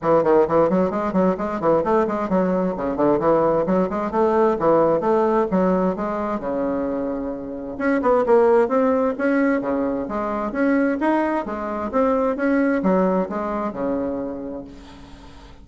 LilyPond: \new Staff \with { instrumentName = "bassoon" } { \time 4/4 \tempo 4 = 131 e8 dis8 e8 fis8 gis8 fis8 gis8 e8 | a8 gis8 fis4 cis8 d8 e4 | fis8 gis8 a4 e4 a4 | fis4 gis4 cis2~ |
cis4 cis'8 b8 ais4 c'4 | cis'4 cis4 gis4 cis'4 | dis'4 gis4 c'4 cis'4 | fis4 gis4 cis2 | }